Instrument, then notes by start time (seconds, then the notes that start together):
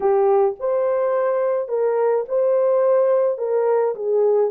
horn
0.00 G4
0.59 C5
1.68 A#4
2.28 C5
3.38 A#4
3.95 G#4